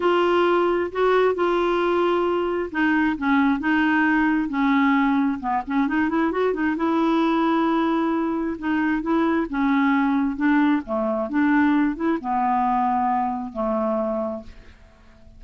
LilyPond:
\new Staff \with { instrumentName = "clarinet" } { \time 4/4 \tempo 4 = 133 f'2 fis'4 f'4~ | f'2 dis'4 cis'4 | dis'2 cis'2 | b8 cis'8 dis'8 e'8 fis'8 dis'8 e'4~ |
e'2. dis'4 | e'4 cis'2 d'4 | a4 d'4. e'8 b4~ | b2 a2 | }